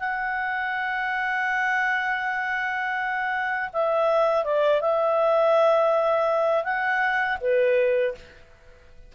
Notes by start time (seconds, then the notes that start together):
0.00 F#5
3.73 E5
4.44 D5
4.81 E5
6.64 F#5
7.41 B4